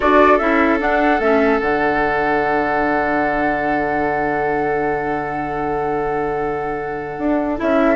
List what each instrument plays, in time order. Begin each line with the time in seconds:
0.00 bassoon D4, clarinet F#4, oboe A4, flute D5
0.38 bassoon C#4, clarinet E4, flute E5
0.79 clarinet D4, bassoon D4, flute F#5
1.19 bassoon A3, clarinet C#4, flute E5
1.58 bassoon D3, clarinet D4, flute F#5
7.18 bassoon D4
7.57 bassoon C#4, clarinet E4, flute E5